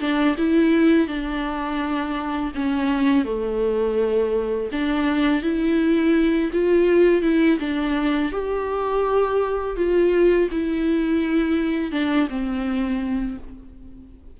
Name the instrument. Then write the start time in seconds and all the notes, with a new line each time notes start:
viola
0.00 D4
0.38 E4
1.07 D4
2.55 C#4
3.25 A3
4.72 D4
5.42 E4
6.53 F4
7.22 E4
7.60 D4
8.32 G4
9.76 F4
10.51 E4
11.92 D4
12.29 C4